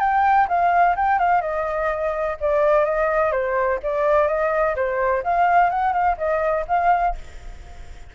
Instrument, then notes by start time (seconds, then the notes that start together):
flute
0.00 G5
0.48 F5
0.96 G5
1.19 F5
1.42 D#5
2.41 D5
2.85 D#5
3.32 C5
3.83 D5
4.28 D#5
4.76 C5
5.24 F5
5.70 F#5
5.93 F5
6.18 D#5
6.68 F5